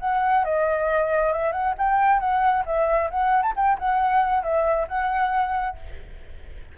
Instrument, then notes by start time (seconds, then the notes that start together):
flute
0.00 F#5
0.45 D#5
1.33 E5
1.52 F#5
1.78 G5
2.20 F#5
2.66 E5
3.10 F#5
3.42 A5
3.56 G5
3.79 F#5
4.43 E5
4.88 F#5